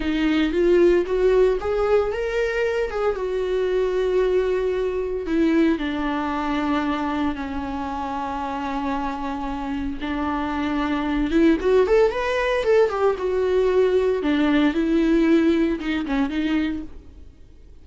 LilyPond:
\new Staff \with { instrumentName = "viola" } { \time 4/4 \tempo 4 = 114 dis'4 f'4 fis'4 gis'4 | ais'4. gis'8 fis'2~ | fis'2 e'4 d'4~ | d'2 cis'2~ |
cis'2. d'4~ | d'4. e'8 fis'8 a'8 b'4 | a'8 g'8 fis'2 d'4 | e'2 dis'8 cis'8 dis'4 | }